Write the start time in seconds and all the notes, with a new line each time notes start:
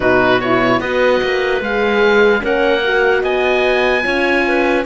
0.00 B2 D#4 F#4 B4
0.40 E4 C#5
0.79 B3 F#4 B4 D#5
1.23 A#3
1.60 G#3 G#4 F5
2.40 A#3 C#4 A#4 F#5
2.84 F#4
3.22 B3 D#5 G#5
4.02 C#4 F4 C#5
4.47 B4